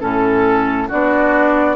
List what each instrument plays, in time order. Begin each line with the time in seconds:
0.00 bassoon A2, clarinet C#4, oboe A4, flute A4
0.88 bassoon B3, clarinet D4, oboe F#4, flute D5